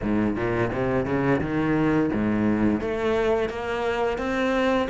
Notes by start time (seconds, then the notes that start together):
0.02 G#2
0.36 A#2
0.72 C3
1.05 C#3
1.40 D#3
2.12 G#2
2.80 A3
3.49 A#3
4.18 C4